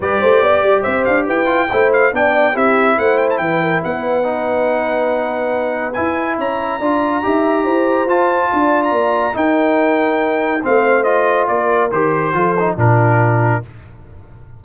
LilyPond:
<<
  \new Staff \with { instrumentName = "trumpet" } { \time 4/4 \tempo 4 = 141 d''2 e''8 f''8 g''4~ | g''8 f''8 g''4 e''4 fis''8 g''16 a''16 | g''4 fis''2.~ | fis''2 gis''4 ais''4~ |
ais''2. a''4~ | a''8. ais''4~ ais''16 g''2~ | g''4 f''4 dis''4 d''4 | c''2 ais'2 | }
  \new Staff \with { instrumentName = "horn" } { \time 4/4 b'8 c''8 d''4 c''4 b'4 | c''4 d''4 g'4 c''4 | b'8 ais'8 b'2.~ | b'2. cis''4 |
d''4 e''4 c''2 | d''2 ais'2~ | ais'4 c''2 ais'4~ | ais'4 a'4 f'2 | }
  \new Staff \with { instrumentName = "trombone" } { \time 4/4 g'2.~ g'8 f'8 | e'4 d'4 e'2~ | e'2 dis'2~ | dis'2 e'2 |
f'4 g'2 f'4~ | f'2 dis'2~ | dis'4 c'4 f'2 | g'4 f'8 dis'8 d'2 | }
  \new Staff \with { instrumentName = "tuba" } { \time 4/4 g8 a8 b8 g8 c'8 d'8 e'4 | a4 b4 c'4 a4 | e4 b2.~ | b2 e'4 cis'4 |
d'4 dis'4 e'4 f'4 | d'4 ais4 dis'2~ | dis'4 a2 ais4 | dis4 f4 ais,2 | }
>>